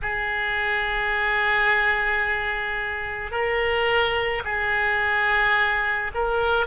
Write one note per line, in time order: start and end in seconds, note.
0.02 3.31 G#4
3.31 4.42 A#4
4.44 6.11 G#4
6.14 6.66 A#4